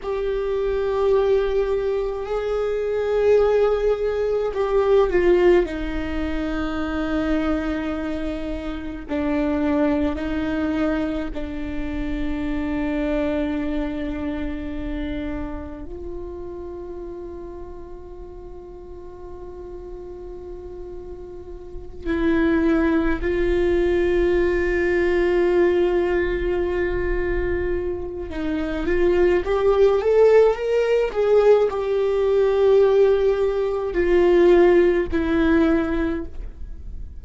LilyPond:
\new Staff \with { instrumentName = "viola" } { \time 4/4 \tempo 4 = 53 g'2 gis'2 | g'8 f'8 dis'2. | d'4 dis'4 d'2~ | d'2 f'2~ |
f'2.~ f'8 e'8~ | e'8 f'2.~ f'8~ | f'4 dis'8 f'8 g'8 a'8 ais'8 gis'8 | g'2 f'4 e'4 | }